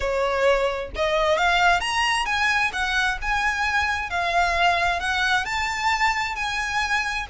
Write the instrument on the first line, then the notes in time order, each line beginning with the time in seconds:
violin
0.00 C#5
0.95 D#5
1.37 F5
1.80 A#5
2.25 G#5
2.72 F#5
3.21 G#5
4.10 F5
4.99 F#5
5.45 A5
6.35 G#5